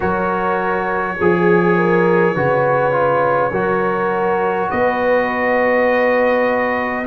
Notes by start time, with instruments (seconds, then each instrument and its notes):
0.00 tuba F#3, trombone F#4, horn A#4, trumpet C#5
1.16 tuba F3, horn G#4, trombone G#4
1.76 horn A#4
2.35 tuba C#3, trombone F#4, horn B4
2.91 trombone F4
3.51 tuba F#3, trombone F#4, horn A#4
4.69 tuba B3, horn B4, trumpet D#5